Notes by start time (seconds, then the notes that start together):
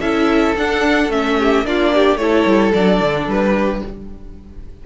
0.00 C#4 E4 A4 E5
0.57 D4 F#5
1.09 A3 C#4 E5
1.39 G4
1.63 A#3 D4 F4 D5
1.95 G4
2.17 A3 E4 A4 C#5
2.46 G3
2.74 F#3 D4 D5
3.01 D3
3.28 G3 B4
3.54 G4